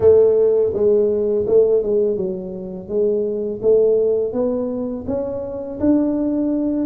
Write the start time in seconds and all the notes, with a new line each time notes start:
0.00 A3
0.73 G#3
1.46 A3
1.82 G#3
2.17 F#3
2.88 G#3
3.61 A3
4.32 B3
5.07 C#4
5.80 D4